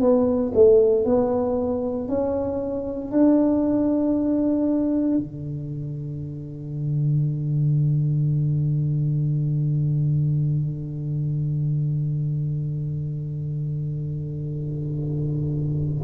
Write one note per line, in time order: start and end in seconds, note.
0.00 0.52 B3
0.54 1.05 A3
1.05 2.08 B3
2.08 3.11 C#4
3.11 5.17 D4
5.17 16.03 D3